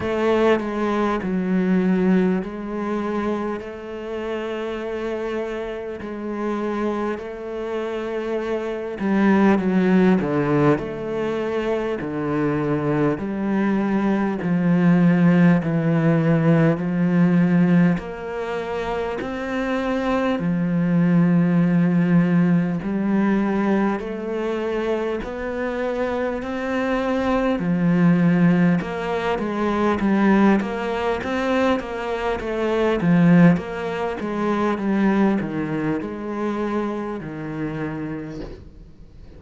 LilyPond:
\new Staff \with { instrumentName = "cello" } { \time 4/4 \tempo 4 = 50 a8 gis8 fis4 gis4 a4~ | a4 gis4 a4. g8 | fis8 d8 a4 d4 g4 | f4 e4 f4 ais4 |
c'4 f2 g4 | a4 b4 c'4 f4 | ais8 gis8 g8 ais8 c'8 ais8 a8 f8 | ais8 gis8 g8 dis8 gis4 dis4 | }